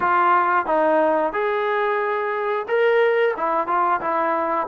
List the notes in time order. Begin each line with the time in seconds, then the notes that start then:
0.00 F4
0.66 D#4
1.32 G#4
2.68 A#4
3.36 E4
3.67 F4
4.00 E4